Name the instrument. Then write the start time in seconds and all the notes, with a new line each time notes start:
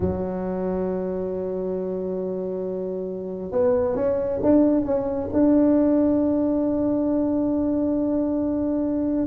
tuba
0.00 F#3
3.51 B3
3.95 C#4
4.42 D4
4.84 C#4
5.33 D4